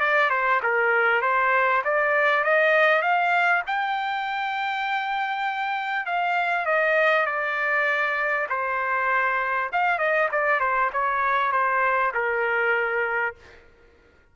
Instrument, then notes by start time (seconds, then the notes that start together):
trumpet
0.00 D5
0.30 C5
0.63 A#4
1.21 C5
1.84 D5
2.44 D#5
3.02 F5
3.66 G5
6.06 F5
6.66 D#5
7.26 D5
8.49 C5
9.72 F5
9.98 D#5
10.31 D5
10.60 C5
10.93 C#5
11.52 C5
12.14 A#4